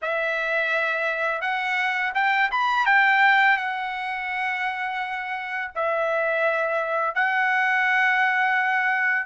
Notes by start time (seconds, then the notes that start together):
0.02 E5
1.41 F#5
2.14 G5
2.51 B5
2.85 G5
3.57 F#5
5.75 E5
7.14 F#5